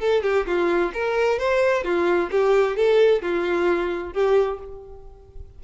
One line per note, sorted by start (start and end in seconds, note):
0.00 0.23 A4
0.23 0.46 G4
0.46 0.92 F4
0.94 1.39 A#4
1.39 1.84 C5
1.84 2.30 F4
2.31 2.76 G4
2.76 3.22 A4
3.22 4.13 F4
4.13 4.59 G4